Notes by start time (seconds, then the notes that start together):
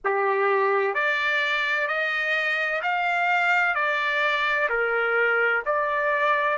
0.04 G4
0.94 D5
1.87 D#5
2.82 F5
3.74 D5
4.69 A#4
5.65 D5